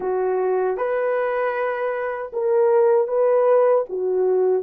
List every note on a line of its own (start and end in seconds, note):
0.00 0.77 F#4
0.77 2.31 B4
2.33 3.07 A#4
3.07 3.84 B4
3.89 4.63 F#4